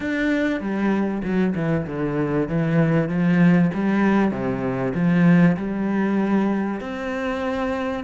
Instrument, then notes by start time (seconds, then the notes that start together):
cello
0.00 D4
0.60 G3
1.23 F#3
1.55 E3
1.86 D3
2.48 E3
3.08 F3
3.74 G3
4.31 C3
4.94 F3
5.56 G3
6.80 C4